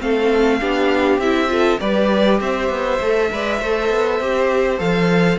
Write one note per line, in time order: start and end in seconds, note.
0.00 0.61 A3
0.00 0.60 C4
0.00 0.61 A4
0.00 1.20 F5
0.60 1.18 B3
0.60 1.20 D4
0.60 1.51 G4
1.18 1.78 C4
1.18 1.48 E4
1.18 1.80 E5
1.48 1.78 F4
1.48 1.81 A4
1.79 2.41 G3
1.79 3.00 G4
1.79 2.41 B4
1.79 2.40 D5
2.41 2.70 C4
2.41 3.31 C5
2.41 4.79 E5
2.70 3.00 B3
3.00 3.30 A3
3.00 3.32 A4
3.32 3.62 G#3
3.32 3.62 B4
3.32 3.59 D5
3.59 3.90 A3
3.59 4.21 A4
3.59 5.39 C5
3.90 4.20 B3
4.20 4.80 C4
4.20 4.78 G4
4.78 5.39 F3
4.78 5.38 A4
4.78 5.39 F5